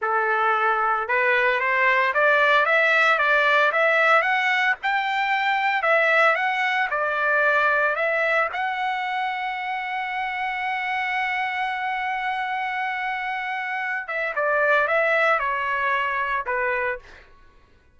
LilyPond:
\new Staff \with { instrumentName = "trumpet" } { \time 4/4 \tempo 4 = 113 a'2 b'4 c''4 | d''4 e''4 d''4 e''4 | fis''4 g''2 e''4 | fis''4 d''2 e''4 |
fis''1~ | fis''1~ | fis''2~ fis''8 e''8 d''4 | e''4 cis''2 b'4 | }